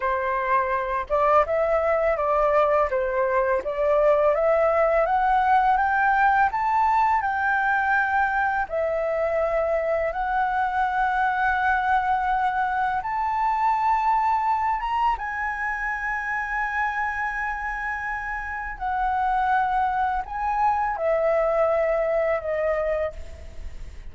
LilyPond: \new Staff \with { instrumentName = "flute" } { \time 4/4 \tempo 4 = 83 c''4. d''8 e''4 d''4 | c''4 d''4 e''4 fis''4 | g''4 a''4 g''2 | e''2 fis''2~ |
fis''2 a''2~ | a''8 ais''8 gis''2.~ | gis''2 fis''2 | gis''4 e''2 dis''4 | }